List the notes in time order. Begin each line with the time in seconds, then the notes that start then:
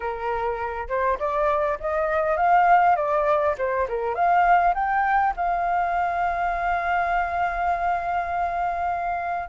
0.00 A#4
0.88 C5
1.19 D5
1.80 D#5
2.37 F5
2.96 D5
3.58 C5
3.88 A#4
4.14 F5
4.74 G5
5.36 F5